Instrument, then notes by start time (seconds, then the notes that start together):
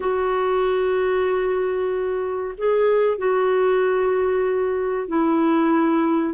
clarinet
0.00 F#4
2.57 G#4
3.18 F#4
5.07 E4